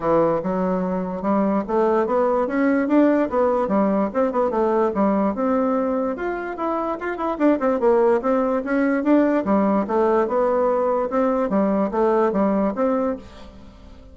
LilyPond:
\new Staff \with { instrumentName = "bassoon" } { \time 4/4 \tempo 4 = 146 e4 fis2 g4 | a4 b4 cis'4 d'4 | b4 g4 c'8 b8 a4 | g4 c'2 f'4 |
e'4 f'8 e'8 d'8 c'8 ais4 | c'4 cis'4 d'4 g4 | a4 b2 c'4 | g4 a4 g4 c'4 | }